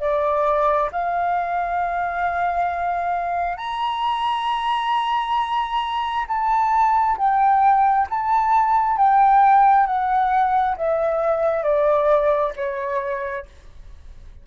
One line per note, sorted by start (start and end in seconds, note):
0.00 0.90 D5
0.92 3.57 F5
3.57 6.26 A#5
6.28 7.17 A5
7.18 8.07 G5
8.10 8.97 A5
8.97 9.86 G5
9.86 10.76 F#5
10.77 11.63 E5
11.63 12.53 D5
12.56 13.46 C#5